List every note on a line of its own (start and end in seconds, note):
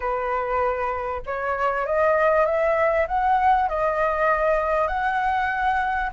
0.00 1.21 B4
1.26 1.85 C#5
1.85 2.45 D#5
2.45 3.06 E5
3.07 3.68 F#5
3.68 4.87 D#5
4.87 6.10 F#5